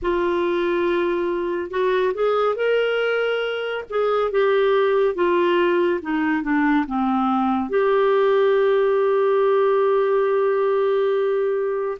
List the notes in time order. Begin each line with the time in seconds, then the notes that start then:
0.02 F4
1.70 F#4
2.14 G#4
2.55 A#4
3.89 G#4
4.31 G4
5.14 F4
6.01 D#4
6.42 D4
6.86 C4
7.69 G4